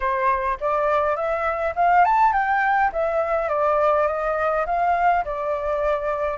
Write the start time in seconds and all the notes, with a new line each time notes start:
0.00 C5
0.60 D5
1.15 E5
1.75 F5
2.04 A5
2.32 G5
2.92 E5
3.48 D5
4.07 D#5
4.66 F5
5.25 D5